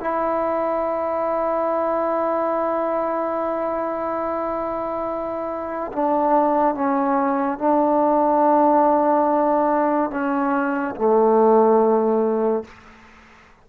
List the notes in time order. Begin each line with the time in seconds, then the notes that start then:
0.00 E4
5.92 D4
6.74 C#4
7.58 D4
10.10 C#4
10.95 A3